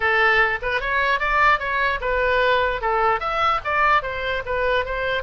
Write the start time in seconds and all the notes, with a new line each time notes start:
0.00 A4
0.62 B4
0.80 C#5
1.19 D5
1.59 C#5
2.00 B4
2.81 A4
3.20 E5
3.64 D5
4.02 C5
4.45 B4
4.85 C5